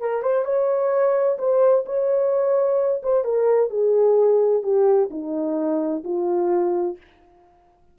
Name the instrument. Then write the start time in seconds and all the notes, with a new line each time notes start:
horn
0.00 A#4
0.22 C5
0.45 C#5
1.38 C5
1.86 C#5
3.03 C5
3.24 A#4
3.70 G#4
4.63 G4
5.10 D#4
6.04 F4